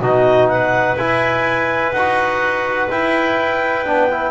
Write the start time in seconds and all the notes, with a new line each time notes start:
0.00 B2 D#4 F#4 D#5
0.48 B4 F#5
0.96 E4 G#5
1.92 D#4 F#4 F#5
2.89 E4 G5
3.86 B3 D4
4.11 E4